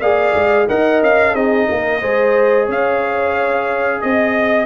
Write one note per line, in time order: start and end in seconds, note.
0.00 0.34 A#3
0.00 0.68 G#4
0.00 0.67 D5
0.00 0.67 F5
0.34 0.68 G#3
0.68 1.02 D#4
0.68 1.34 A#4
0.68 1.34 D#5
0.68 1.02 F#5
1.02 1.34 C#4
1.02 1.35 F5
1.34 1.67 C4
1.34 2.01 D#4
1.34 1.67 G#4
1.34 2.68 D#5
1.68 2.02 A#3
1.68 2.01 A#4
2.01 2.68 G#3
2.01 4.66 G#4
2.01 2.66 C5
2.66 4.01 C#4
2.66 3.99 C#5
2.66 4.01 F5
4.00 4.66 C4
4.00 4.66 D#5